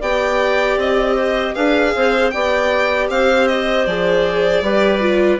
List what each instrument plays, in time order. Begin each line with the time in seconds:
0.00 bassoon B3, viola G4, clarinet D5, violin G5
0.78 bassoon C4, violin D#5
1.16 clarinet C5
1.55 bassoon D4, viola G#4, clarinet B4, violin F5
1.96 bassoon C4, clarinet C5
2.31 bassoon B3, viola G4, clarinet D5, violin G5
3.10 bassoon C4, clarinet C5, violin F5
3.48 violin D#5
3.86 bassoon F3, viola G#4, violin D5
4.62 bassoon G3, viola G4, clarinet B4
5.01 viola F4